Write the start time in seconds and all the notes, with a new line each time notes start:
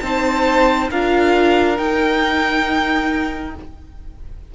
0.00 C4 D#4 C5 A5
0.91 D4 F4 A#4 F5
1.77 D#4 G5